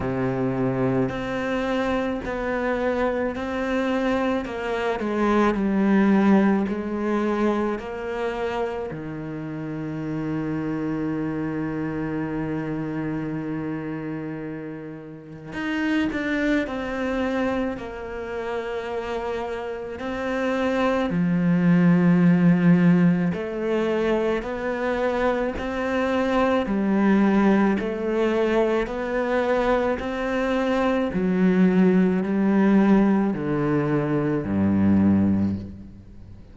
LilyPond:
\new Staff \with { instrumentName = "cello" } { \time 4/4 \tempo 4 = 54 c4 c'4 b4 c'4 | ais8 gis8 g4 gis4 ais4 | dis1~ | dis2 dis'8 d'8 c'4 |
ais2 c'4 f4~ | f4 a4 b4 c'4 | g4 a4 b4 c'4 | fis4 g4 d4 g,4 | }